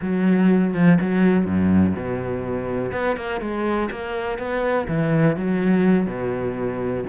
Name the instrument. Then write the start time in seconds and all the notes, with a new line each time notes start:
cello
0.01 F#3
0.74 F3
1.00 F#3
1.45 F#2
1.96 B2
2.92 B3
3.16 A#3
3.40 G#3
3.90 A#3
4.38 B3
4.88 E3
5.36 F#3
6.06 B2